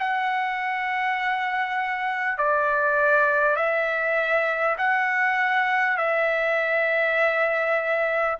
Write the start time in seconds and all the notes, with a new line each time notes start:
0.00 F#5
2.38 D5
3.57 E5
4.78 F#5
5.98 E5